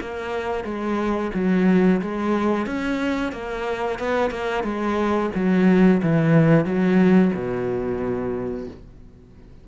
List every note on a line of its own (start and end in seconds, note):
0.00 0.64 A#3
0.64 1.31 G#3
1.34 2.01 F#3
2.01 2.66 G#3
2.66 3.32 C#4
3.32 3.98 A#3
3.99 4.30 B3
4.30 4.63 A#3
4.63 5.30 G#3
5.35 6.01 F#3
6.02 6.65 E3
6.65 7.31 F#3
7.34 8.67 B2